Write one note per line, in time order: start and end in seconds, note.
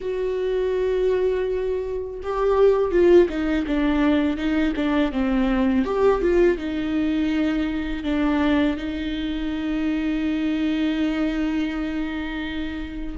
0.00 2.20 F#4
2.22 2.91 G4
2.91 3.28 F4
3.29 3.65 D#4
3.66 4.37 D4
4.37 4.73 D#4
4.76 5.12 D4
5.12 5.84 C4
5.84 6.21 G4
6.21 6.57 F4
6.57 8.03 D#4
8.03 8.76 D4
8.76 13.15 D#4